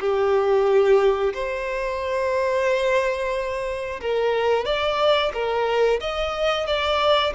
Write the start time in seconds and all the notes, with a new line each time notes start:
0.00 G4
1.34 C5
4.01 A#4
4.65 D5
5.34 A#4
6.01 D#5
6.67 D5